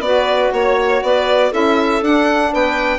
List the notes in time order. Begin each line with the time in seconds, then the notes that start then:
0.00 B3 F#4 B4 D5
0.53 A#3 C#5
1.03 B3 B4 D5
1.51 C#4 E4 A4 E5
2.02 D4 F#5
2.53 B3 B4 G5